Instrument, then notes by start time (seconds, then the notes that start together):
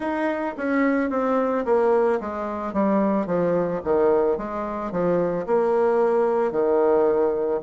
bassoon
0.00 D#4
0.57 C#4
1.10 C4
1.65 A#3
2.20 G#3
2.73 G3
3.26 F3
3.84 D#3
4.37 G#3
4.91 F3
5.46 A#3
6.52 D#3